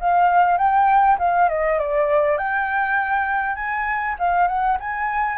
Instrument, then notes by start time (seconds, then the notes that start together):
flute
0.00 F5
0.58 G5
1.19 F5
1.49 D#5
1.79 D5
2.37 G5
3.55 G#5
4.19 F5
4.48 F#5
4.80 G#5